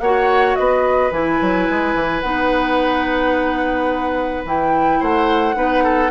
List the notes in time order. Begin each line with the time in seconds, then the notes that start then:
0.00 A#3 F#4 C#5 F#5
0.55 B3 B4 D#5
1.11 E3 E4 G#5
1.41 F#3
1.69 G#3
1.94 E3
2.20 B3 D#4 F#5
4.44 E3 E4 G5
4.99 A3 C5 F#5
5.54 B3 D#4 B4
5.83 A4